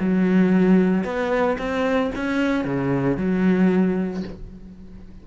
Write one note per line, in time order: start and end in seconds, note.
0.00 1.04 F#3
1.04 1.57 B3
1.58 2.11 C4
2.15 2.65 C#4
2.65 3.17 C#3
3.17 4.23 F#3